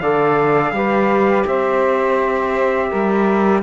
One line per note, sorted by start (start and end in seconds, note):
0.00 0.71 D3
0.00 0.73 A4
0.00 0.73 D5
0.00 1.45 F5
0.71 1.44 G3
0.71 3.62 G4
0.71 1.47 B4
1.46 2.91 C4
1.46 2.89 C5
1.46 3.62 E5
2.89 3.62 G3
2.89 3.61 A#4